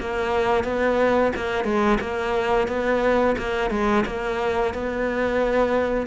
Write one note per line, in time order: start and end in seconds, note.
0.00 0.64 A#3
0.64 1.32 B3
1.36 1.65 A#3
1.65 1.99 G#3
2.00 2.68 A#3
2.68 3.36 B3
3.38 3.70 A#3
3.70 4.04 G#3
4.06 4.74 A#3
4.74 6.07 B3